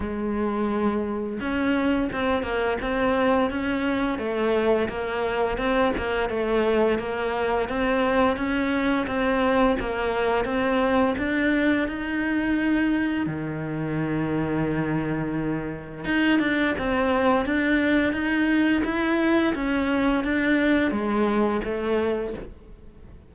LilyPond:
\new Staff \with { instrumentName = "cello" } { \time 4/4 \tempo 4 = 86 gis2 cis'4 c'8 ais8 | c'4 cis'4 a4 ais4 | c'8 ais8 a4 ais4 c'4 | cis'4 c'4 ais4 c'4 |
d'4 dis'2 dis4~ | dis2. dis'8 d'8 | c'4 d'4 dis'4 e'4 | cis'4 d'4 gis4 a4 | }